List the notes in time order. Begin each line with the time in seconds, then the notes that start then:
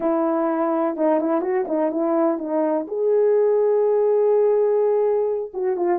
0.00 E4
0.96 D#4
1.20 E4
1.41 F#4
1.67 D#4
1.91 E4
2.38 D#4
2.87 G#4
5.53 F#4
5.76 F4